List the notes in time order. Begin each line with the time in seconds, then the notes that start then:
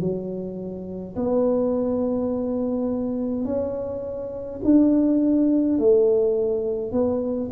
0.00 F#3
1.15 B3
3.45 C#4
4.64 D4
5.78 A3
6.92 B3